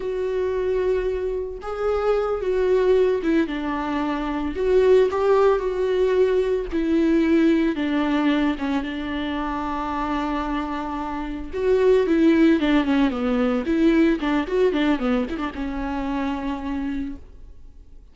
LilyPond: \new Staff \with { instrumentName = "viola" } { \time 4/4 \tempo 4 = 112 fis'2. gis'4~ | gis'8 fis'4. e'8 d'4.~ | d'8 fis'4 g'4 fis'4.~ | fis'8 e'2 d'4. |
cis'8 d'2.~ d'8~ | d'4. fis'4 e'4 d'8 | cis'8 b4 e'4 d'8 fis'8 d'8 | b8 e'16 d'16 cis'2. | }